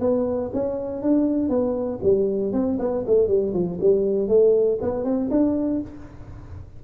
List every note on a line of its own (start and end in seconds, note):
0.00 0.50 B3
0.53 1.02 C#4
1.02 1.49 D4
1.49 1.99 B3
2.03 2.53 G3
2.53 2.78 C4
2.78 3.04 B3
3.06 3.28 A3
3.28 3.53 G3
3.53 3.78 F3
3.80 4.28 G3
4.28 4.78 A3
4.81 5.04 B3
5.04 5.29 C4
5.30 5.81 D4